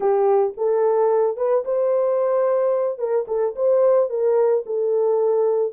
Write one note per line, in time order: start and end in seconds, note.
0.00 0.53 G4
0.57 1.36 A4
1.36 1.64 B4
1.64 2.98 C5
2.98 3.25 A#4
3.27 3.54 A4
3.55 4.09 C5
4.09 4.64 A#4
4.66 5.72 A4